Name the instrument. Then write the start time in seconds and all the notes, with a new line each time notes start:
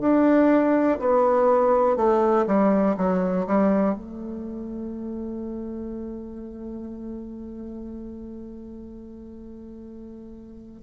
bassoon
0.00 D4
0.99 B3
1.96 A3
2.46 G3
2.97 F#3
3.46 G3
3.93 A3